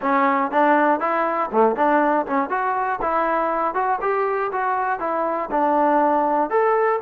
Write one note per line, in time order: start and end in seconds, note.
0.01 0.51 C#4
0.51 1.00 D4
1.00 1.50 E4
1.51 1.75 A3
1.75 2.25 D4
2.26 2.49 C#4
2.49 2.99 F#4
3.01 3.74 E4
3.74 3.99 F#4
4.01 4.51 G4
4.52 4.99 F#4
4.99 5.49 E4
5.50 6.50 D4
6.50 7.00 A4